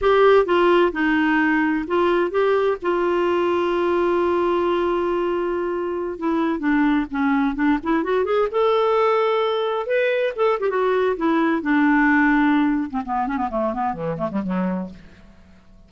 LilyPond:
\new Staff \with { instrumentName = "clarinet" } { \time 4/4 \tempo 4 = 129 g'4 f'4 dis'2 | f'4 g'4 f'2~ | f'1~ | f'4~ f'16 e'4 d'4 cis'8.~ |
cis'16 d'8 e'8 fis'8 gis'8 a'4.~ a'16~ | a'4~ a'16 b'4 a'8 g'16 fis'4 | e'4 d'2~ d'8. c'16 | b8 cis'16 b16 a8 b8 e8 a16 g16 fis4 | }